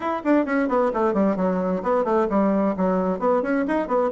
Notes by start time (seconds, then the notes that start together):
0.00 E4
0.24 D4
0.45 C#4
0.68 B3
0.93 A3
1.13 G3
1.36 F#3
1.82 B3
2.04 A3
2.29 G3
2.76 F#3
3.19 B3
3.42 C#4
3.67 D#4
3.87 B3